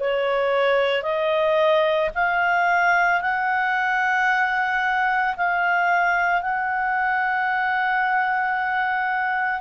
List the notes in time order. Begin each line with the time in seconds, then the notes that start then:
0.00 C#5
1.03 D#5
2.15 F5
3.21 F#5
5.37 F5
6.42 F#5